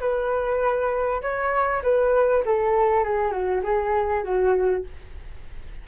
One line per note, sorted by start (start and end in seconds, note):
0.00 1.21 B4
1.22 1.82 C#5
1.83 2.44 B4
2.45 3.04 A4
3.04 3.31 G#4
3.31 3.62 F#4
3.63 4.23 G#4
4.23 4.84 F#4